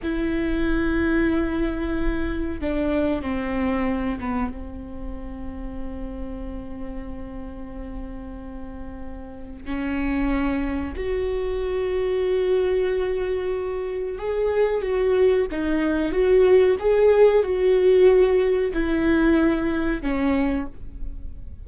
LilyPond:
\new Staff \with { instrumentName = "viola" } { \time 4/4 \tempo 4 = 93 e'1 | d'4 c'4. b8 c'4~ | c'1~ | c'2. cis'4~ |
cis'4 fis'2.~ | fis'2 gis'4 fis'4 | dis'4 fis'4 gis'4 fis'4~ | fis'4 e'2 cis'4 | }